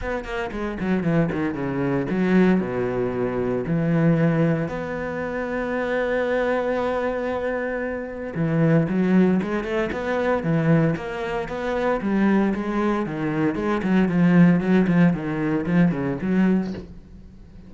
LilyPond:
\new Staff \with { instrumentName = "cello" } { \time 4/4 \tempo 4 = 115 b8 ais8 gis8 fis8 e8 dis8 cis4 | fis4 b,2 e4~ | e4 b2.~ | b1 |
e4 fis4 gis8 a8 b4 | e4 ais4 b4 g4 | gis4 dis4 gis8 fis8 f4 | fis8 f8 dis4 f8 cis8 fis4 | }